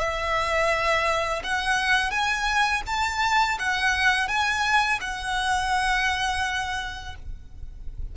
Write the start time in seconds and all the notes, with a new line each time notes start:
0.00 E5
1.44 F#5
2.11 G#5
2.87 A5
3.59 F#5
4.28 G#5
5.01 F#5